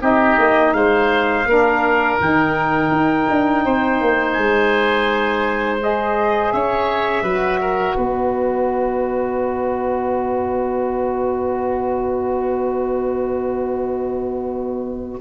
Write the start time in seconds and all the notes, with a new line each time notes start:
0.00 C4 D#4 G4 D#5
0.38 A#3
0.73 G#3 C5 F5
1.45 A#3 D4 A#4
2.20 D#3 D#4 G5
2.91 D#4
3.30 D4
3.64 C4 C5
4.01 A#3
4.32 G#3 G#5
5.80 G#4 D#5
6.52 C#4 C#5 E5
7.22 F#3 F#4 B4
7.61 A#4
7.96 B3 B4 D#5